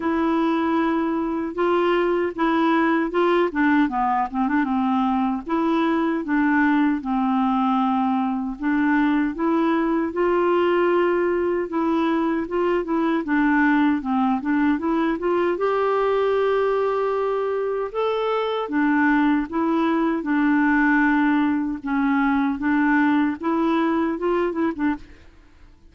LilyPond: \new Staff \with { instrumentName = "clarinet" } { \time 4/4 \tempo 4 = 77 e'2 f'4 e'4 | f'8 d'8 b8 c'16 d'16 c'4 e'4 | d'4 c'2 d'4 | e'4 f'2 e'4 |
f'8 e'8 d'4 c'8 d'8 e'8 f'8 | g'2. a'4 | d'4 e'4 d'2 | cis'4 d'4 e'4 f'8 e'16 d'16 | }